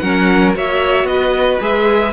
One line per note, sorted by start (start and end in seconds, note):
0.00 0.55 F#3
0.00 0.55 C#4
0.00 0.56 A#4
0.00 0.53 F#5
0.55 1.04 A#3
0.55 1.61 F#4
0.55 1.09 C#5
0.55 1.07 E5
1.04 1.57 B3
1.04 2.14 B4
1.04 1.60 D#5
1.61 2.14 G#3
1.61 2.14 G#4
1.61 2.14 E5